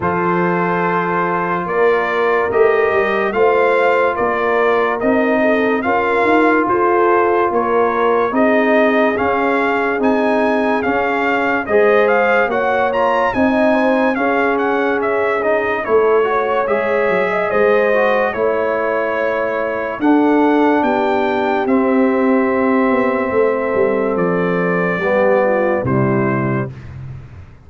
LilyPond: <<
  \new Staff \with { instrumentName = "trumpet" } { \time 4/4 \tempo 4 = 72 c''2 d''4 dis''4 | f''4 d''4 dis''4 f''4 | c''4 cis''4 dis''4 f''4 | gis''4 f''4 dis''8 f''8 fis''8 ais''8 |
gis''4 f''8 fis''8 e''8 dis''8 cis''4 | e''4 dis''4 cis''2 | fis''4 g''4 e''2~ | e''4 d''2 c''4 | }
  \new Staff \with { instrumentName = "horn" } { \time 4/4 a'2 ais'2 | c''4 ais'4. a'8 ais'4 | a'4 ais'4 gis'2~ | gis'2 c''4 cis''4 |
dis''8 c''8 gis'2 a'8 cis''8~ | cis''8. dis''16 c''4 cis''2 | a'4 g'2. | a'2 g'8 f'8 e'4 | }
  \new Staff \with { instrumentName = "trombone" } { \time 4/4 f'2. g'4 | f'2 dis'4 f'4~ | f'2 dis'4 cis'4 | dis'4 cis'4 gis'4 fis'8 f'8 |
dis'4 cis'4. dis'8 e'8 fis'8 | gis'4. fis'8 e'2 | d'2 c'2~ | c'2 b4 g4 | }
  \new Staff \with { instrumentName = "tuba" } { \time 4/4 f2 ais4 a8 g8 | a4 ais4 c'4 cis'8 dis'8 | f'4 ais4 c'4 cis'4 | c'4 cis'4 gis4 ais4 |
c'4 cis'2 a4 | gis8 fis8 gis4 a2 | d'4 b4 c'4. b8 | a8 g8 f4 g4 c4 | }
>>